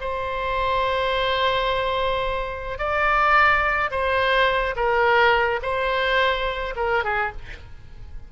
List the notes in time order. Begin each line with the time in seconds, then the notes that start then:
0.00 C5
2.78 D5
3.90 C5
4.76 A#4
5.62 C5
6.76 A#4
7.03 G#4